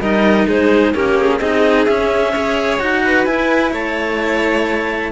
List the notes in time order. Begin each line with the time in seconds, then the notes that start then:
0.00 G3 D#4 A#4 D#5
0.47 G#3 G#4 C5
0.94 A#3 C#4 G4 A#4
1.19 G#4
1.39 C4 D#4 G#4 D#5
1.85 C#4 E5
2.31 G#4 C#5
2.80 D#4 F#4 F#5
3.05 B4
3.24 E4 G#5
3.72 A3 C#5 A5